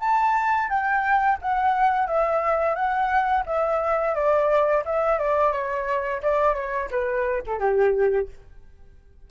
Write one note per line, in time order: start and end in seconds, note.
0.00 0.69 A5
0.70 1.39 G5
1.42 2.07 F#5
2.07 2.75 E5
2.75 3.44 F#5
3.46 4.15 E5
4.15 4.84 D5
4.86 5.19 E5
5.19 5.53 D5
5.53 6.22 C#5
6.23 6.55 D5
6.55 6.89 C#5
6.91 7.43 B4
7.47 7.59 A4
7.59 8.28 G4